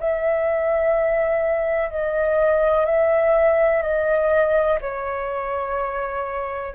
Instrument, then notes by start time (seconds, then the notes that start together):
flute
0.00 E5
1.90 D#5
2.86 E5
3.83 D#5
4.81 C#5